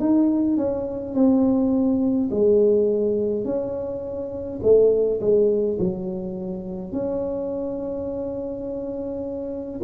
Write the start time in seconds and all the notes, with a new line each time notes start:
0.00 D#4
0.57 C#4
1.14 C4
2.31 G#3
3.45 C#4
4.63 A3
5.21 G#3
5.79 F#3
6.92 C#4